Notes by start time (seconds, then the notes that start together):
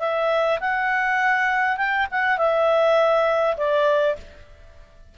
0.00 E5
0.61 F#5
1.78 G5
2.12 F#5
2.38 E5
3.58 D5